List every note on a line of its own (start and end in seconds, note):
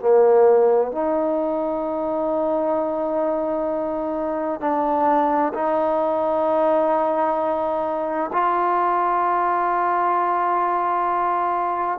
0.00 0.92 A#3
0.92 4.60 D#4
4.60 5.53 D4
5.54 8.31 D#4
8.33 11.99 F4